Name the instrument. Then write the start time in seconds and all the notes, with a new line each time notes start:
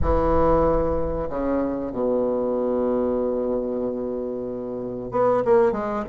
bassoon
0.01 E3
1.29 C#3
1.91 B2
5.11 B3
5.45 A#3
5.72 G#3